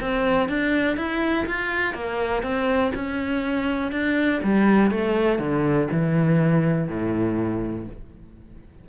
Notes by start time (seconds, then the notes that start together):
0.00 C4
0.48 D4
0.96 E4
1.46 F4
1.93 A#3
2.42 C4
2.94 C#4
3.91 D4
4.43 G3
4.90 A3
5.38 D3
5.91 E3
6.88 A2